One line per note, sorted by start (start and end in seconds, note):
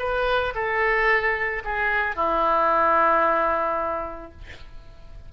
0.00 0.54 B4
0.56 1.64 A4
1.65 2.16 G#4
2.16 4.32 E4